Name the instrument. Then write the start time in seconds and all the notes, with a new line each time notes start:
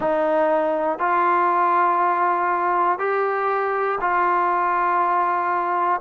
trombone
0.00 D#4
0.99 F4
2.99 G4
4.00 F4